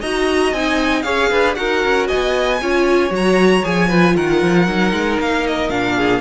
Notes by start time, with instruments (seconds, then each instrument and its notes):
0.00 cello D#4, viola F#4, violin D#5 A#5
0.52 cello C4, viola D#4, violin G#5
1.02 cello C#4, viola G#4, violin C#5 F5
1.30 cello D4, violin B4
1.55 cello D#4, viola F#4, violin A#4 F#5
1.84 cello C#4
2.07 violin D#5 G#5
2.13 cello B3
2.62 cello C#4, viola F4, violin C#5
3.09 cello F#3, viola F#4
3.16 violin A#5
3.63 cello F3, viola G#4, violin G#5
3.88 viola F4, violin B4
4.16 cello D#3, violin A#4 F#5
4.42 cello F3
4.67 cello F#3, viola D#4
4.92 cello G#3
5.20 cello A#3, violin F5
5.47 violin D#5
5.69 cello A#2, viola D4, violin F5
5.96 violin G#4